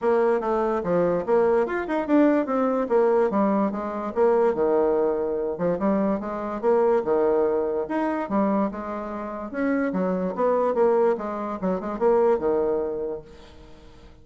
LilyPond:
\new Staff \with { instrumentName = "bassoon" } { \time 4/4 \tempo 4 = 145 ais4 a4 f4 ais4 | f'8 dis'8 d'4 c'4 ais4 | g4 gis4 ais4 dis4~ | dis4. f8 g4 gis4 |
ais4 dis2 dis'4 | g4 gis2 cis'4 | fis4 b4 ais4 gis4 | fis8 gis8 ais4 dis2 | }